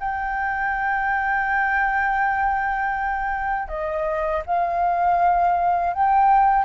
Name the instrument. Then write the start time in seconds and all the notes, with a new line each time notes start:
flute
0.00 G5
3.69 D#5
4.46 F5
5.93 G5